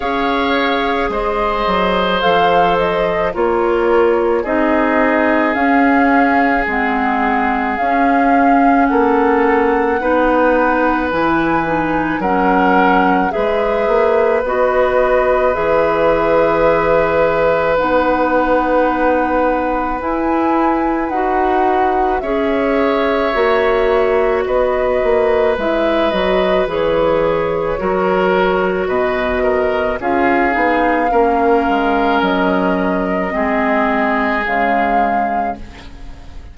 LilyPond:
<<
  \new Staff \with { instrumentName = "flute" } { \time 4/4 \tempo 4 = 54 f''4 dis''4 f''8 dis''8 cis''4 | dis''4 f''4 fis''4 f''4 | fis''2 gis''4 fis''4 | e''4 dis''4 e''2 |
fis''2 gis''4 fis''4 | e''2 dis''4 e''8 dis''8 | cis''2 dis''4 f''4~ | f''4 dis''2 f''4 | }
  \new Staff \with { instrumentName = "oboe" } { \time 4/4 cis''4 c''2 ais'4 | gis'1 | a'4 b'2 ais'4 | b'1~ |
b'1 | cis''2 b'2~ | b'4 ais'4 b'8 ais'8 gis'4 | ais'2 gis'2 | }
  \new Staff \with { instrumentName = "clarinet" } { \time 4/4 gis'2 a'4 f'4 | dis'4 cis'4 c'4 cis'4~ | cis'4 dis'4 e'8 dis'8 cis'4 | gis'4 fis'4 gis'2 |
dis'2 e'4 fis'4 | gis'4 fis'2 e'8 fis'8 | gis'4 fis'2 f'8 dis'8 | cis'2 c'4 gis4 | }
  \new Staff \with { instrumentName = "bassoon" } { \time 4/4 cis'4 gis8 fis8 f4 ais4 | c'4 cis'4 gis4 cis'4 | ais4 b4 e4 fis4 | gis8 ais8 b4 e2 |
b2 e'4 dis'4 | cis'4 ais4 b8 ais8 gis8 fis8 | e4 fis4 b,4 cis'8 b8 | ais8 gis8 fis4 gis4 cis4 | }
>>